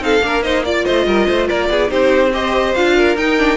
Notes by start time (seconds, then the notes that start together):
0.00 C4 D#4 A4 F5
0.22 A#3 D4 A#4
0.43 D#4 C5 D#5
0.65 F4 D5
0.85 A3 C5 D#5
1.07 G3 A#4
1.28 A3 C5
1.49 A#3 A#4 D5
1.70 B3 G#4
1.89 C4 D#4 G4 C5
2.33 G4 C5 D#5
2.75 D4 F4 F5
2.97 A#4
3.17 D#4 G5
3.38 D4